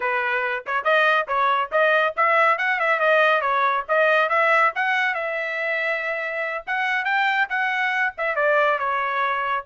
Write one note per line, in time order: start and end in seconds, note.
0.00 0.64 B4
0.66 0.84 C#5
0.84 1.26 D#5
1.27 1.70 C#5
1.71 2.14 D#5
2.16 2.58 E5
2.58 2.79 F#5
2.79 2.99 E5
2.99 3.41 D#5
3.41 3.84 C#5
3.88 4.29 D#5
4.29 4.72 E5
4.75 5.14 F#5
5.14 6.64 E5
6.66 7.04 F#5
7.04 7.47 G5
7.49 8.13 F#5
8.17 8.35 E5
8.35 8.78 D5
8.78 9.64 C#5